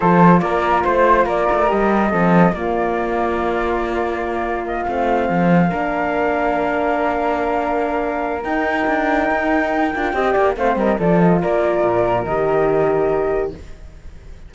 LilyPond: <<
  \new Staff \with { instrumentName = "flute" } { \time 4/4 \tempo 4 = 142 c''4 d''4 c''4 d''4 | dis''2 d''2~ | d''2. dis''8 f''8~ | f''1~ |
f''1 | g''1~ | g''4 f''8 dis''8 d''8 dis''8 d''4~ | d''4 dis''2. | }
  \new Staff \with { instrumentName = "flute" } { \time 4/4 a'4 ais'4 c''4 ais'4~ | ais'4 a'4 f'2~ | f'1~ | f'8 a'4 ais'2~ ais'8~ |
ais'1~ | ais'1 | dis''8 d''8 c''8 ais'8 a'4 ais'4~ | ais'1 | }
  \new Staff \with { instrumentName = "horn" } { \time 4/4 f'1 | g'4 c'4 ais2~ | ais2.~ ais8 c'8~ | c'4. d'2~ d'8~ |
d'1 | dis'2.~ dis'8 f'8 | g'4 c'4 f'2~ | f'4 g'2. | }
  \new Staff \with { instrumentName = "cello" } { \time 4/4 f4 ais4 a4 ais8 a8 | g4 f4 ais2~ | ais2.~ ais8 a8~ | a8 f4 ais2~ ais8~ |
ais1 | dis'4 d'4 dis'4. d'8 | c'8 ais8 a8 g8 f4 ais4 | ais,4 dis2. | }
>>